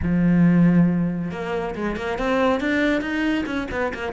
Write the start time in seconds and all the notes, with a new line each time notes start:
0.02 F3
1.31 A#3
1.75 G#3
1.96 A#3
2.18 C4
2.60 D4
3.01 D#4
3.45 C#4
3.71 B3
3.93 A#3